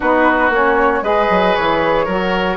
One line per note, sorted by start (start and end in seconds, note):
0.00 0.49 B3
0.00 0.52 D#4
0.00 1.03 F#4
0.00 0.52 B4
0.49 1.01 A#3
0.49 1.03 C#4
0.49 1.04 C#5
1.02 1.27 G#3
1.02 2.07 G#4
1.02 2.05 B4
1.02 1.55 D#5
1.29 1.55 F#3
1.55 2.06 E3
1.55 2.57 C#5
2.05 2.57 F#3
2.05 2.57 F#4
2.05 2.57 A#4